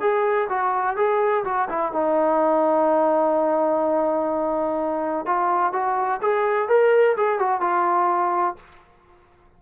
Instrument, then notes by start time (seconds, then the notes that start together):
trombone
0.00 G#4
0.49 F#4
0.96 G#4
1.44 F#4
1.69 E4
1.92 D#4
5.26 F4
5.73 F#4
6.21 G#4
6.68 A#4
7.16 G#4
7.39 F#4
7.60 F4